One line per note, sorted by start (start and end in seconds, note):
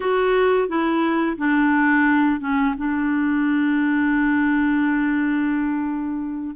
0.00 0.68 F#4
0.68 1.37 E4
1.37 2.40 D4
2.40 2.75 C#4
2.77 6.55 D4